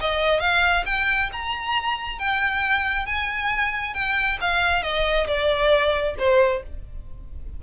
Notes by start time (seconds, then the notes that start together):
0.00 D#5
0.40 F5
0.85 G5
1.32 A#5
2.18 G5
3.06 G#5
3.93 G5
4.41 F5
4.82 D#5
5.27 D5
6.18 C5